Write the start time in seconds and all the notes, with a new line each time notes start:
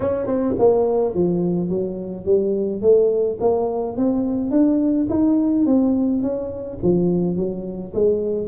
0.00 C#4
0.26 C4
0.58 A#3
1.14 F3
1.69 F#3
2.25 G3
2.81 A3
3.40 A#3
3.96 C4
4.50 D4
5.09 D#4
5.66 C4
6.22 C#4
6.82 F3
7.36 F#3
7.94 G#3